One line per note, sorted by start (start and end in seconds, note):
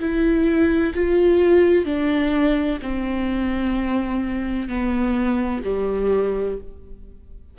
0.00 0.94 E4
0.95 1.85 F4
1.85 2.79 D4
2.83 4.69 C4
4.69 5.62 B3
5.64 6.58 G3